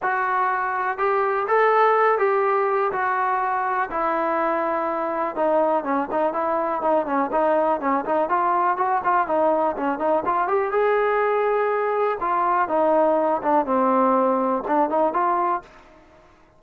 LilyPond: \new Staff \with { instrumentName = "trombone" } { \time 4/4 \tempo 4 = 123 fis'2 g'4 a'4~ | a'8 g'4. fis'2 | e'2. dis'4 | cis'8 dis'8 e'4 dis'8 cis'8 dis'4 |
cis'8 dis'8 f'4 fis'8 f'8 dis'4 | cis'8 dis'8 f'8 g'8 gis'2~ | gis'4 f'4 dis'4. d'8 | c'2 d'8 dis'8 f'4 | }